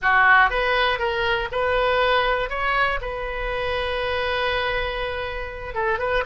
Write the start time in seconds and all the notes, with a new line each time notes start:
0.02 F#4
0.50 B4
0.99 A#4
1.51 B4
2.49 C#5
3.01 B4
5.74 A4
5.99 B4